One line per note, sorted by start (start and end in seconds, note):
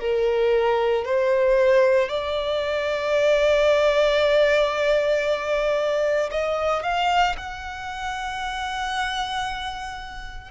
0.00 1.05 A#4
1.05 2.09 C5
2.09 6.30 D5
6.32 6.83 D#5
6.83 7.35 F5
7.37 10.51 F#5